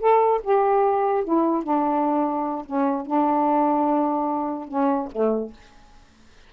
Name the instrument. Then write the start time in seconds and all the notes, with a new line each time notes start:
saxophone
0.00 A4
0.43 G4
1.24 E4
1.63 D4
2.66 C#4
3.06 D4
4.68 C#4
5.12 A3